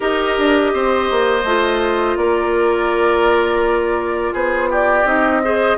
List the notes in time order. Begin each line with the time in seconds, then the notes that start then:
0.00 D#4 G4 A#4 D#5
0.37 D4
0.73 C4 C5
1.10 A#3
1.44 A3 F4
2.16 A#3 A#4 D5
4.33 B3 G#4 C5
4.69 G4 D5
5.03 C4 D#4 D#5
5.43 G#4 C5